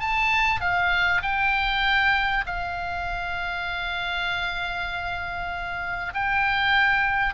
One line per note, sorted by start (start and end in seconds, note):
0.00 0.61 A5
0.61 1.22 F5
1.22 2.45 G5
2.46 6.14 F5
6.14 7.34 G5